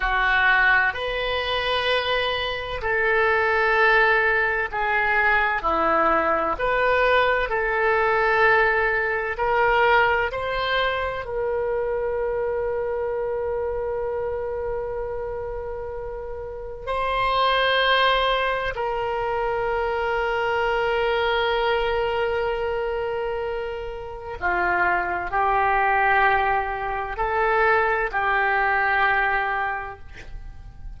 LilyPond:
\new Staff \with { instrumentName = "oboe" } { \time 4/4 \tempo 4 = 64 fis'4 b'2 a'4~ | a'4 gis'4 e'4 b'4 | a'2 ais'4 c''4 | ais'1~ |
ais'2 c''2 | ais'1~ | ais'2 f'4 g'4~ | g'4 a'4 g'2 | }